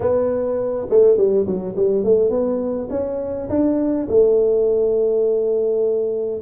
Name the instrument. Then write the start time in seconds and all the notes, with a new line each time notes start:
tuba
0.00 B3
0.89 A3
1.17 G3
1.46 F#3
1.76 G3
2.04 A3
2.30 B3
2.90 C#4
3.49 D4
4.08 A3